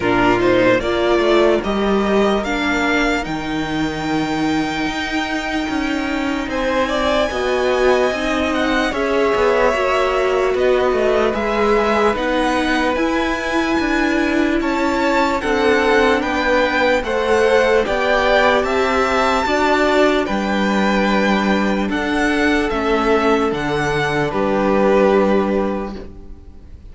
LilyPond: <<
  \new Staff \with { instrumentName = "violin" } { \time 4/4 \tempo 4 = 74 ais'8 c''8 d''4 dis''4 f''4 | g''1 | gis''2~ gis''8 fis''8 e''4~ | e''4 dis''4 e''4 fis''4 |
gis''2 a''4 fis''4 | g''4 fis''4 g''4 a''4~ | a''4 g''2 fis''4 | e''4 fis''4 b'2 | }
  \new Staff \with { instrumentName = "violin" } { \time 4/4 f'4 ais'2.~ | ais'1 | c''8 d''8 dis''2 cis''4~ | cis''4 b'2.~ |
b'2 cis''4 a'4 | b'4 c''4 d''4 e''4 | d''4 b'2 a'4~ | a'2 g'2 | }
  \new Staff \with { instrumentName = "viola" } { \time 4/4 d'8 dis'8 f'4 g'4 d'4 | dis'1~ | dis'4 fis'4 dis'4 gis'4 | fis'2 gis'4 dis'4 |
e'2. d'4~ | d'4 a'4 g'2 | fis'4 d'2. | cis'4 d'2. | }
  \new Staff \with { instrumentName = "cello" } { \time 4/4 ais,4 ais8 a8 g4 ais4 | dis2 dis'4 cis'4 | c'4 b4 c'4 cis'8 b8 | ais4 b8 a8 gis4 b4 |
e'4 d'4 cis'4 c'4 | b4 a4 b4 c'4 | d'4 g2 d'4 | a4 d4 g2 | }
>>